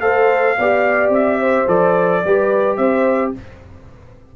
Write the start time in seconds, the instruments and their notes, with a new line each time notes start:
0.00 tuba A3, trombone A4, horn C5, trumpet F5
0.58 tuba B3, trombone G4, horn D5
1.09 tuba C4, trumpet E5
1.40 horn C5
1.67 tuba F3, trombone A4, trumpet D5
2.24 tuba G3, trombone G4, horn B4
2.76 tuba C4, horn C5, trumpet E5